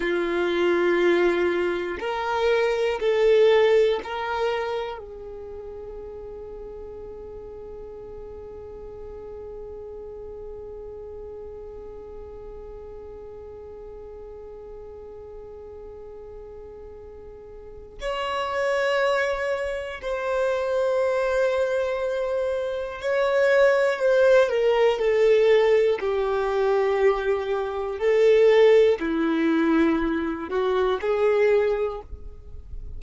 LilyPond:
\new Staff \with { instrumentName = "violin" } { \time 4/4 \tempo 4 = 60 f'2 ais'4 a'4 | ais'4 gis'2.~ | gis'1~ | gis'1~ |
gis'2 cis''2 | c''2. cis''4 | c''8 ais'8 a'4 g'2 | a'4 e'4. fis'8 gis'4 | }